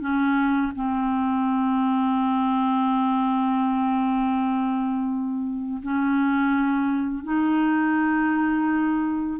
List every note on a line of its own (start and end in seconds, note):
0.00 0.72 C#4
0.75 5.81 C4
5.82 7.23 C#4
7.23 9.40 D#4